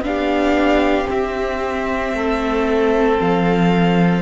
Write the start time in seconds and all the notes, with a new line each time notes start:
0.00 B3 D4 F5
0.07 G4
1.05 C4 E5
2.13 A3 A4
3.20 F3 F5